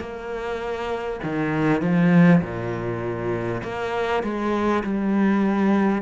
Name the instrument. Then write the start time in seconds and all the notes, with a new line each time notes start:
cello
0.00 A#3
1.23 D#3
1.81 F3
2.42 A#2
3.63 A#3
4.23 G#3
4.83 G3